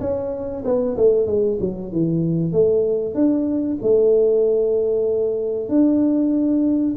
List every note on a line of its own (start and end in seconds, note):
0.00 0.63 C#4
0.65 0.96 B3
0.97 1.26 A3
1.26 1.58 G#3
1.60 1.92 F#3
1.92 2.52 E3
2.52 3.15 A3
3.15 3.78 D4
3.82 5.69 A3
5.69 6.95 D4